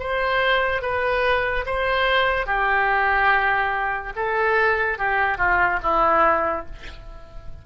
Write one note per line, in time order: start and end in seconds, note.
0.00 0.82 C5
0.82 1.65 B4
1.66 2.47 C5
2.47 4.13 G4
4.16 4.98 A4
4.98 5.38 G4
5.38 5.80 F4
5.83 6.66 E4